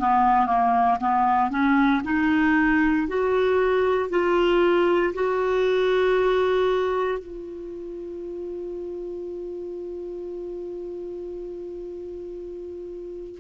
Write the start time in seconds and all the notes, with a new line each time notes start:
0.00 B3
0.47 A#3
1.00 B3
1.50 C#4
2.04 D#4
3.08 F#4
4.10 F4
5.14 F#4
7.18 F4